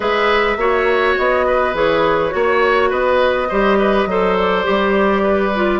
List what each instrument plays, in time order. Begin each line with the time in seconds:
0.00 bassoon G#3, clarinet G#4, oboe B4, flute E5
0.56 bassoon A#3, clarinet F#4, oboe C#5
1.17 bassoon B3, flute D#5
1.46 oboe B4
1.74 bassoon E3, clarinet G#4, flute C#5
2.30 bassoon A#3, clarinet F#4, oboe C#5
2.89 bassoon B3, oboe B4, flute D#5
3.49 bassoon G3, clarinet G4, oboe C5
3.79 oboe B4
4.06 bassoon F#3, clarinet A4, oboe C5
4.37 flute D5
4.64 bassoon G3, clarinet G4
5.23 oboe B4
5.55 clarinet F4